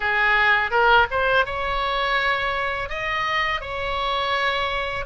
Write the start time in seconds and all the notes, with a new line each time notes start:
0.00 G#4
0.70 A#4
1.10 C5
1.45 C#5
2.89 D#5
3.60 C#5